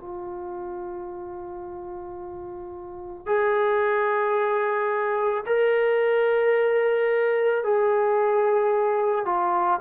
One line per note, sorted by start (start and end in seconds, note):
0.00 3.26 F4
3.26 5.44 G#4
5.46 7.64 A#4
7.64 9.25 G#4
9.25 9.80 F4